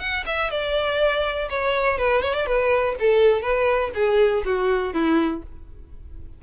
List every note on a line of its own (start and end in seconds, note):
0.00 0.25 F#5
0.26 0.51 E5
0.51 1.49 D5
1.50 1.99 C#5
1.99 2.22 B4
2.22 2.34 C#5
2.34 2.47 D5
2.47 2.96 B4
3.00 3.42 A4
3.42 3.91 B4
3.95 4.44 G#4
4.46 4.94 F#4
4.94 5.43 E4